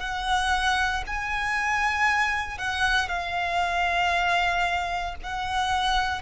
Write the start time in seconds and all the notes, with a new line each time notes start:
0.00 F#5
1.07 G#5
2.58 F#5
3.08 F5
5.23 F#5